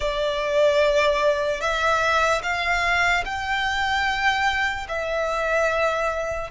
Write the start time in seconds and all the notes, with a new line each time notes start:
0.00 D5
1.60 E5
2.43 F5
3.25 G5
4.88 E5